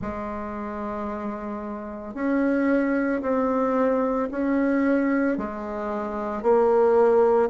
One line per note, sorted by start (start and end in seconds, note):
0.01 2.14 G#3
2.14 3.21 C#4
3.21 4.29 C4
4.31 5.37 C#4
5.37 6.42 G#3
6.42 7.49 A#3